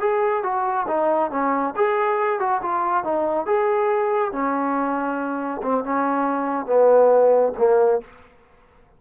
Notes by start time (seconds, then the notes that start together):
0.00 G#4
0.43 F#4
0.88 D#4
1.31 C#4
1.76 G#4
2.39 F#4
2.62 F4
3.04 D#4
3.46 G#4
4.32 C#4
5.63 C4
5.84 C#4
6.66 B3
7.58 A#3